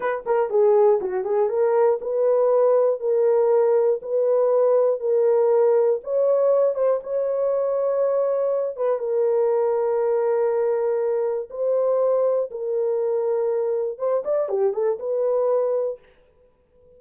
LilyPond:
\new Staff \with { instrumentName = "horn" } { \time 4/4 \tempo 4 = 120 b'8 ais'8 gis'4 fis'8 gis'8 ais'4 | b'2 ais'2 | b'2 ais'2 | cis''4. c''8 cis''2~ |
cis''4. b'8 ais'2~ | ais'2. c''4~ | c''4 ais'2. | c''8 d''8 g'8 a'8 b'2 | }